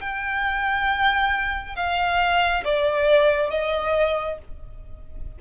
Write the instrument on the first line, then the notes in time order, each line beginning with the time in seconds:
violin
0.00 G5
1.76 F5
2.64 D5
3.51 D#5